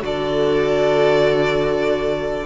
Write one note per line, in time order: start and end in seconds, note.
0.00 2.46 D3
0.00 2.46 F#4
0.00 2.46 A4
0.00 2.46 D5